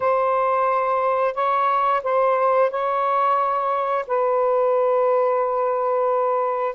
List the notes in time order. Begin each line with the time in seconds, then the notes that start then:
0.00 C5
1.34 C#5
2.03 C5
2.70 C#5
4.07 B4